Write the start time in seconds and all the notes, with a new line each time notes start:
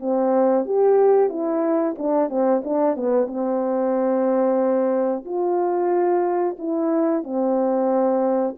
0.00 C4
0.66 G4
1.30 E4
1.98 D4
2.30 C4
2.64 D4
2.96 B3
3.27 C4
5.25 F4
6.58 E4
7.23 C4